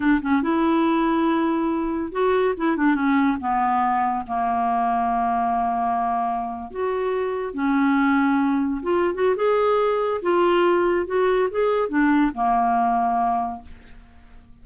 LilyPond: \new Staff \with { instrumentName = "clarinet" } { \time 4/4 \tempo 4 = 141 d'8 cis'8 e'2.~ | e'4 fis'4 e'8 d'8 cis'4 | b2 ais2~ | ais2.~ ais8. fis'16~ |
fis'4.~ fis'16 cis'2~ cis'16~ | cis'8. f'8. fis'8 gis'2 | f'2 fis'4 gis'4 | d'4 ais2. | }